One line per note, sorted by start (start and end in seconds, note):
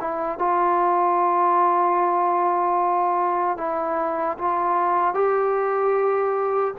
0.00 0.38 E4
0.38 3.57 F4
3.57 4.37 E4
4.38 5.14 F4
5.14 6.74 G4